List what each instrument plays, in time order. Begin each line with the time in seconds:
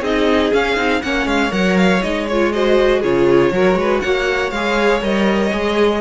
0.00 cello C4, viola D#4, violin G#4 D#5
0.52 viola C#4, cello C#4, violin F5
0.76 cello C4, viola D#4
1.02 cello A#3, viola C#4, violin C#5 F#5
1.26 cello G#3, violin F5
1.50 cello F#3, viola A#4, violin F#5
1.77 violin F5
2.02 cello G#3, viola D#4, violin D#5
2.28 viola F4, violin C#5
2.52 viola F#4, violin C5 D#5
3.00 cello C#3, viola F4, violin G#4 C#5
3.51 cello F#3, viola F#4, violin A#4
3.74 cello G#3, violin B4
4.00 cello A#3, violin C#5 F#5
4.50 cello G#3, viola G#4, violin F5
5.01 cello G3, viola A#4, violin D#5
5.52 cello G#3, viola G#4